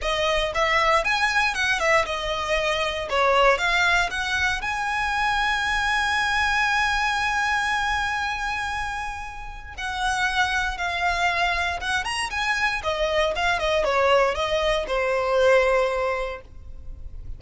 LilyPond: \new Staff \with { instrumentName = "violin" } { \time 4/4 \tempo 4 = 117 dis''4 e''4 gis''4 fis''8 e''8 | dis''2 cis''4 f''4 | fis''4 gis''2.~ | gis''1~ |
gis''2. fis''4~ | fis''4 f''2 fis''8 ais''8 | gis''4 dis''4 f''8 dis''8 cis''4 | dis''4 c''2. | }